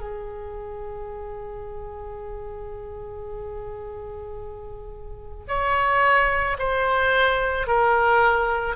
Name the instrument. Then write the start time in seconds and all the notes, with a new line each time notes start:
oboe
0.00 G#4
5.47 C#5
6.59 C5
7.67 A#4